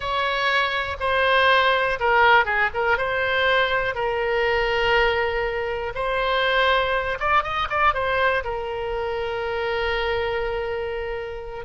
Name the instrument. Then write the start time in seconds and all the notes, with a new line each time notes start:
oboe
0.00 C#5
0.99 C5
1.99 A#4
2.45 G#4
2.74 A#4
2.97 C5
3.94 A#4
5.94 C5
7.19 D5
7.43 D#5
7.69 D5
7.94 C5
8.43 A#4